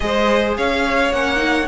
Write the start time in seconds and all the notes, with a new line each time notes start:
0.00 G#3 G#4 C5 D#5
0.57 C#4 C#5 F5
1.12 A#3 C#4 F#5
1.36 D#4